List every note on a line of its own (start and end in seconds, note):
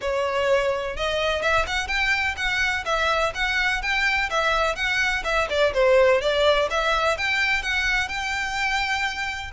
0.01 0.96 C#5
0.96 1.42 D#5
1.42 1.65 E5
1.66 1.87 F#5
1.87 2.35 G5
2.37 2.84 F#5
2.85 3.32 E5
3.34 3.81 F#5
3.81 4.29 G5
4.30 4.75 E5
4.75 5.23 F#5
5.24 5.47 E5
5.49 5.73 D5
5.73 6.21 C5
6.21 6.68 D5
6.70 7.17 E5
7.17 7.62 G5
7.62 8.08 F#5
8.08 9.51 G5